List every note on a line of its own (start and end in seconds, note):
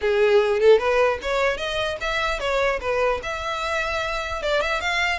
0.01 0.59 G#4
0.59 0.78 A4
0.78 1.18 B4
1.22 1.57 C#5
1.57 1.97 D#5
2.00 2.39 E5
2.39 2.79 C#5
2.80 3.20 B4
3.22 4.42 E5
4.42 4.61 D5
4.61 4.80 E5
4.80 5.19 F5